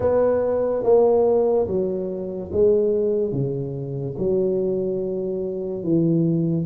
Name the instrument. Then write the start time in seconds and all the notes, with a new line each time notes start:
tuba
0.00 B3
0.83 A#3
1.67 F#3
2.52 G#3
3.32 C#3
4.18 F#3
5.83 E3